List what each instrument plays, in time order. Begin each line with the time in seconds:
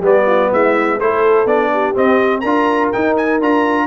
0.00 tuba G3, trombone B3, horn G4, trumpet D5
0.27 horn F4
0.51 tuba G#3, horn E4, trumpet E5
1.00 tuba A3, trombone E4, horn A4, trumpet C5
1.46 tuba B3, trombone D4, trumpet D5
1.73 horn G4
1.95 trombone C4, tuba C4, trumpet D#5
2.41 tuba D4, trombone F4, horn A#4, trumpet A#5
2.92 trombone D#4, tuba D#4, trumpet G5
3.17 trumpet G#5
3.41 tuba D4, trombone F4, trumpet A#5